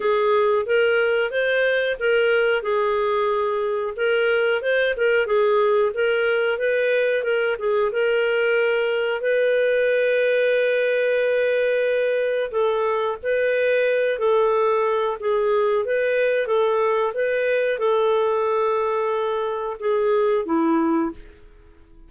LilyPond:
\new Staff \with { instrumentName = "clarinet" } { \time 4/4 \tempo 4 = 91 gis'4 ais'4 c''4 ais'4 | gis'2 ais'4 c''8 ais'8 | gis'4 ais'4 b'4 ais'8 gis'8 | ais'2 b'2~ |
b'2. a'4 | b'4. a'4. gis'4 | b'4 a'4 b'4 a'4~ | a'2 gis'4 e'4 | }